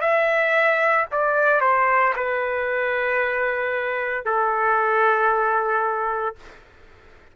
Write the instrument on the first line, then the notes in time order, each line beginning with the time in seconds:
trumpet
0.00 E5
1.11 D5
1.61 C5
2.16 B4
4.25 A4